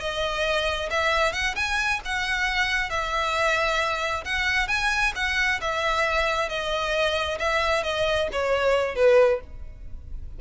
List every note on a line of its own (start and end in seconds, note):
0.00 0.90 D#5
0.90 1.33 E5
1.33 1.55 F#5
1.55 2.00 G#5
2.05 2.90 F#5
2.90 4.24 E5
4.25 4.68 F#5
4.68 5.13 G#5
5.15 5.60 F#5
5.61 6.49 E5
6.49 7.38 D#5
7.39 7.83 E5
7.84 8.28 D#5
8.32 8.96 C#5
8.96 9.40 B4